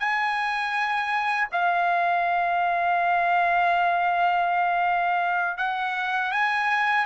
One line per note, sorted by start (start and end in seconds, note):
0.00 1.48 G#5
1.53 5.58 F5
5.58 6.32 F#5
6.32 7.06 G#5